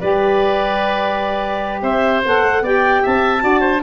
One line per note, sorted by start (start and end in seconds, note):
0.00 1.82 G3
0.00 2.23 G4
0.00 1.81 B4
0.00 1.82 D5
1.82 2.22 C4
1.82 2.63 C5
1.82 2.23 E5
2.25 2.42 B3
2.25 2.64 A4
2.25 2.66 F#5
2.42 2.62 A3
2.62 3.02 B3
2.62 3.39 G4
2.62 3.03 D5
2.62 3.06 G5
3.03 3.43 C4
3.03 3.43 E5
3.03 3.83 A5
3.39 3.83 D4
3.39 3.80 F#4
3.39 3.61 D5
3.61 3.81 C5